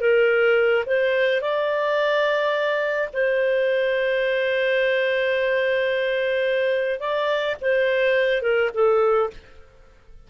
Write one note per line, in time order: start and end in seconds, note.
0.00 0.84 A#4
0.86 1.41 C5
1.41 3.09 D5
3.13 6.99 C5
6.99 7.55 D5
7.61 8.42 C5
8.42 8.70 A#4
8.73 9.30 A4